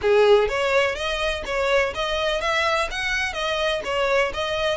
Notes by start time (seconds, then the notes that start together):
0.01 G#4
0.48 C#5
0.95 D#5
1.45 C#5
1.94 D#5
2.40 E5
2.90 F#5
3.33 D#5
3.84 C#5
4.33 D#5